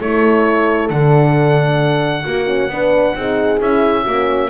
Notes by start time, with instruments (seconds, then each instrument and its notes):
0.00 double bass A3, horn E4 A4, oboe C#5
0.89 double bass D3, horn D4, oboe F#5
2.25 double bass A#3, horn F#4
2.47 horn C#4
2.69 double bass B3, horn D4 B4
3.15 double bass C4, horn D#4 G#4
3.60 double bass C#4, horn E4, oboe E5
4.03 double bass A#3, horn C#4 F#4